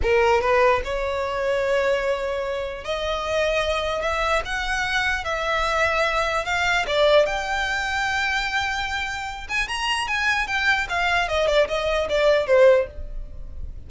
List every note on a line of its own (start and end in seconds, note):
0.02 0.41 A#4
0.41 0.81 B4
0.84 2.84 C#5
2.84 4.02 D#5
4.02 4.42 E5
4.45 5.24 F#5
5.24 6.45 E5
6.45 6.85 F5
6.87 7.26 D5
7.26 9.47 G5
9.48 9.68 G#5
9.68 10.07 A#5
10.07 10.47 G#5
10.47 10.87 G5
10.89 11.28 F5
11.28 11.47 D#5
11.47 11.67 D5
11.68 12.08 D#5
12.09 12.46 D5
12.46 12.87 C5